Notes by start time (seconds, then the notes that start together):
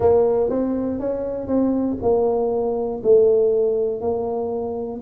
0.00 A#3
0.49 C4
0.99 C#4
1.47 C4
2.02 A#3
3.03 A3
4.00 A#3